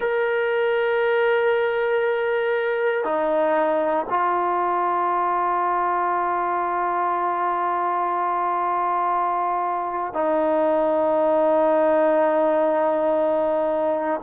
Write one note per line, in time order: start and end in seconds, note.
0.00 3.04 A#4
3.04 4.05 D#4
4.09 10.13 F4
10.13 14.20 D#4